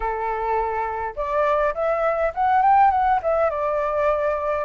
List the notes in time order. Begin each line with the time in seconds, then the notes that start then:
0.00 A4
1.15 D5
1.74 E5
2.34 F#5
2.62 G5
2.90 F#5
3.22 E5
3.50 D5